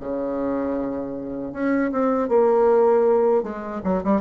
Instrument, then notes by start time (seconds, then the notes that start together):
bassoon
0.00 C#3
1.52 C#4
1.92 C4
2.28 A#3
3.43 G#3
3.84 F#3
4.03 G3